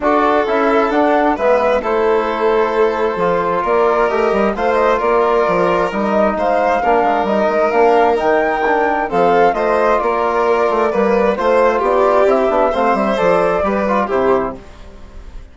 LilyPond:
<<
  \new Staff \with { instrumentName = "flute" } { \time 4/4 \tempo 4 = 132 d''4 e''4 fis''4 e''4 | c''1 | d''4 dis''4 f''8 dis''8 d''4~ | d''4 dis''4 f''2 |
dis''4 f''4 g''2 | f''4 dis''4 d''2~ | d''4 c''4 d''4 e''4 | f''8 e''8 d''2 c''4 | }
  \new Staff \with { instrumentName = "violin" } { \time 4/4 a'2. b'4 | a'1 | ais'2 c''4 ais'4~ | ais'2 c''4 ais'4~ |
ais'1 | a'4 c''4 ais'2 | b'4 c''4 g'2 | c''2 b'4 g'4 | }
  \new Staff \with { instrumentName = "trombone" } { \time 4/4 fis'4 e'4 d'4 b4 | e'2. f'4~ | f'4 g'4 f'2~ | f'4 dis'2 d'4 |
dis'4 d'4 dis'4 d'4 | c'4 f'2. | ais4 f'2 e'8 d'8 | c'4 a'4 g'8 f'8 e'4 | }
  \new Staff \with { instrumentName = "bassoon" } { \time 4/4 d'4 cis'4 d'4 gis4 | a2. f4 | ais4 a8 g8 a4 ais4 | f4 g4 gis4 ais8 gis8 |
g8 gis8 ais4 dis2 | f4 a4 ais4. a8 | g4 a4 b4 c'8 b8 | a8 g8 f4 g4 c4 | }
>>